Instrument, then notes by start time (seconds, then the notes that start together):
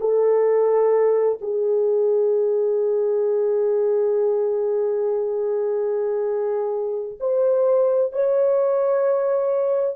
horn
0.00 A4
1.41 G#4
7.20 C5
8.12 C#5